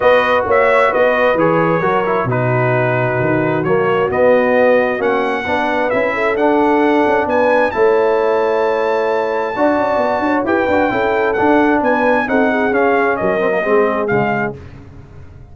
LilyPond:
<<
  \new Staff \with { instrumentName = "trumpet" } { \time 4/4 \tempo 4 = 132 dis''4 e''4 dis''4 cis''4~ | cis''4 b'2. | cis''4 dis''2 fis''4~ | fis''4 e''4 fis''2 |
gis''4 a''2.~ | a''2. g''4~ | g''4 fis''4 gis''4 fis''4 | f''4 dis''2 f''4 | }
  \new Staff \with { instrumentName = "horn" } { \time 4/4 b'4 cis''4 b'2 | ais'4 fis'2.~ | fis'1 | b'4. a'2~ a'8 |
b'4 cis''2.~ | cis''4 d''4. cis''8 b'4 | a'2 b'4 a'8 gis'8~ | gis'4 ais'4 gis'2 | }
  \new Staff \with { instrumentName = "trombone" } { \time 4/4 fis'2. gis'4 | fis'8 e'8 dis'2. | ais4 b2 cis'4 | d'4 e'4 d'2~ |
d'4 e'2.~ | e'4 fis'2 g'8 fis'8 | e'4 d'2 dis'4 | cis'4. c'16 ais16 c'4 gis4 | }
  \new Staff \with { instrumentName = "tuba" } { \time 4/4 b4 ais4 b4 e4 | fis4 b,2 dis4 | fis4 b2 ais4 | b4 cis'4 d'4. cis'8 |
b4 a2.~ | a4 d'8 cis'8 b8 d'8 e'8 d'8 | cis'4 d'4 b4 c'4 | cis'4 fis4 gis4 cis4 | }
>>